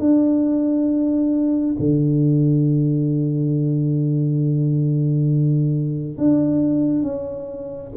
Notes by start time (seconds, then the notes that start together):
0.00 D4
1.80 D3
6.18 D4
7.03 C#4